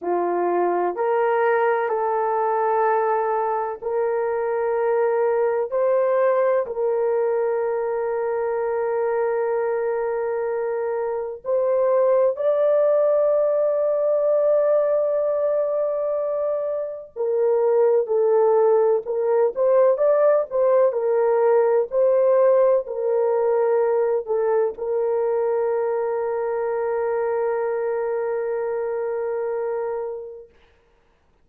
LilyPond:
\new Staff \with { instrumentName = "horn" } { \time 4/4 \tempo 4 = 63 f'4 ais'4 a'2 | ais'2 c''4 ais'4~ | ais'1 | c''4 d''2.~ |
d''2 ais'4 a'4 | ais'8 c''8 d''8 c''8 ais'4 c''4 | ais'4. a'8 ais'2~ | ais'1 | }